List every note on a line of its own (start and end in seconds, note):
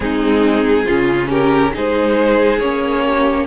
0.00 0.85 G#3
0.00 0.86 C4
0.00 0.84 D#4
0.00 1.28 G#4
0.84 1.76 C#3
0.84 1.73 C#4
0.84 1.28 F4
1.28 1.72 G4
1.28 1.74 A#4
1.73 2.60 G#3
1.73 2.60 D#4
1.73 3.04 G#4
1.73 2.59 C5
2.59 3.46 A#3
2.59 3.46 C#4
2.59 3.46 C#5
3.04 3.46 G4